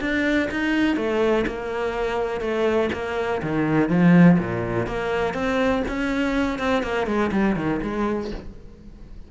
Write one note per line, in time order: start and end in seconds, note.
0.00 0.49 D4
0.51 0.96 D#4
0.96 1.45 A3
1.47 2.41 A#3
2.41 2.90 A3
2.93 3.41 A#3
3.42 3.89 D#3
3.89 4.38 F3
4.39 4.87 A#2
4.87 5.34 A#3
5.34 5.83 C4
5.88 6.59 C#4
6.59 6.83 C4
6.83 7.06 A#3
7.06 7.31 G#3
7.31 7.56 G3
7.56 7.80 D#3
7.82 8.31 G#3